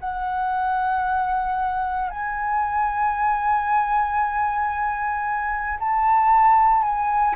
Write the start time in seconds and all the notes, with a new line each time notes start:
0.00 F#5
2.10 G#5
5.80 A5
6.83 G#5